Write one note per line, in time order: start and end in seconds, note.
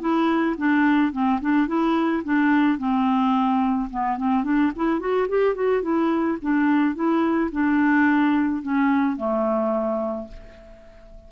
0.00 0.56 E4
0.57 1.12 D4
1.12 1.40 C4
1.41 1.67 D4
1.67 2.22 E4
2.24 2.78 D4
2.78 3.89 C4
3.90 4.17 B3
4.17 4.44 C4
4.44 4.71 D4
4.75 4.99 E4
4.99 5.27 F#4
5.28 5.55 G4
5.55 5.82 F#4
5.82 6.37 E4
6.41 6.94 D4
6.94 7.50 E4
7.51 8.62 D4
8.62 9.16 C#4
9.16 10.27 A3